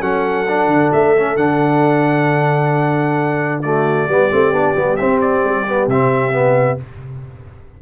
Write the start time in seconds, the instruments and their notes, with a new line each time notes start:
0.00 tuba F#3, trombone C#4, horn A4, trumpet F#5
0.48 trombone D4
0.67 tuba D3
0.92 tuba A3, trumpet E5
1.16 trombone C#4
1.36 tuba D3, trombone D4, trumpet F#5
3.61 trombone A3, horn F#4, trumpet D5
4.08 tuba G3, trombone B3, horn G4
4.30 tuba A3, trombone C4
4.52 tuba B3, trombone D4
4.75 tuba G3, trombone B3
4.96 trombone C4, tuba C4, trumpet E5
5.20 trumpet D5
5.44 tuba G3
5.67 trombone B3
5.87 tuba C3, trombone C4, trumpet E5
6.32 trombone B3